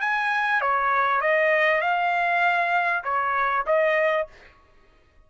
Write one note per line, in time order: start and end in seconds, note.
0.00 0.61 G#5
0.61 1.21 C#5
1.21 1.81 D#5
1.81 3.03 F5
3.04 3.65 C#5
3.66 4.27 D#5